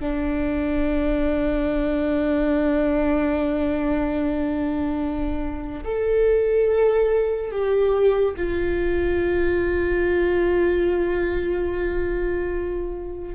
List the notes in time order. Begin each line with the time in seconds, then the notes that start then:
0.00 D4
5.84 A4
7.51 G4
8.36 F4